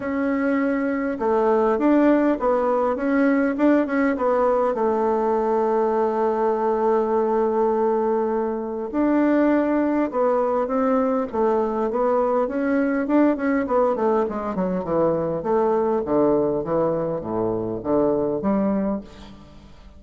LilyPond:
\new Staff \with { instrumentName = "bassoon" } { \time 4/4 \tempo 4 = 101 cis'2 a4 d'4 | b4 cis'4 d'8 cis'8 b4 | a1~ | a2. d'4~ |
d'4 b4 c'4 a4 | b4 cis'4 d'8 cis'8 b8 a8 | gis8 fis8 e4 a4 d4 | e4 a,4 d4 g4 | }